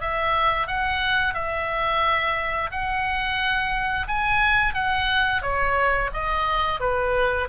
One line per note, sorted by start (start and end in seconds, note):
0.00 0.67 E5
0.67 1.34 F#5
1.34 2.70 E5
2.71 4.07 F#5
4.07 4.74 G#5
4.74 5.42 F#5
5.42 6.10 C#5
6.13 6.79 D#5
6.79 7.48 B4